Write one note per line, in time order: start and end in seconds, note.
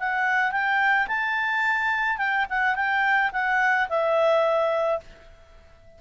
0.00 0.52 F#5
0.52 1.08 G5
1.08 2.18 A5
2.18 2.46 G5
2.50 2.76 F#5
2.76 3.31 G5
3.33 3.88 F#5
3.89 5.01 E5